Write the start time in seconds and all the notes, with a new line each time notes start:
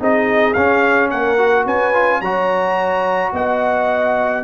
0.00 C4 D#4 G#4 D#5
0.54 C#4 F5
1.11 A#3 A#4 F#5
1.39 F#4
1.65 C#4 B4 G#5
1.94 F4
2.21 F#3 F#4 C#5 A#5
3.33 B3 D#5 F#5